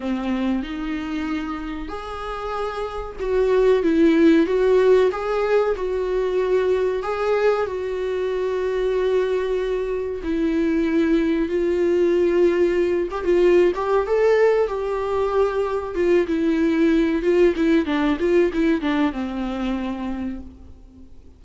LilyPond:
\new Staff \with { instrumentName = "viola" } { \time 4/4 \tempo 4 = 94 c'4 dis'2 gis'4~ | gis'4 fis'4 e'4 fis'4 | gis'4 fis'2 gis'4 | fis'1 |
e'2 f'2~ | f'8 g'16 f'8. g'8 a'4 g'4~ | g'4 f'8 e'4. f'8 e'8 | d'8 f'8 e'8 d'8 c'2 | }